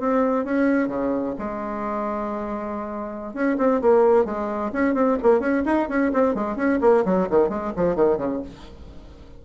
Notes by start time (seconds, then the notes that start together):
0.00 C4
0.45 C#4
0.88 C#3
1.39 G#3
3.34 C#4
3.58 C4
3.82 A#3
4.25 G#3
4.73 C#4
4.94 C4
5.23 A#3
5.40 C#4
5.66 D#4
5.89 C#4
6.14 C4
6.35 G#3
6.57 C#4
6.82 A#3
7.06 F#3
7.30 D#3
7.49 G#3
7.76 F3
7.96 D#3
8.18 C#3